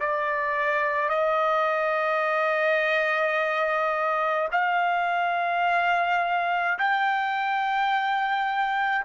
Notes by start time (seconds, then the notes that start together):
0.00 D5
1.09 D#5
4.52 F5
6.78 G5